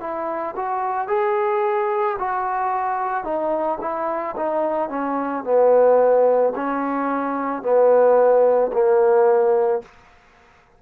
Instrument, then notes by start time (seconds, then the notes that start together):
trombone
0.00 E4
0.56 F#4
1.08 G#4
2.19 F#4
3.24 D#4
3.81 E4
4.36 D#4
4.89 C#4
5.44 B3
6.56 C#4
7.62 B3
8.73 A#3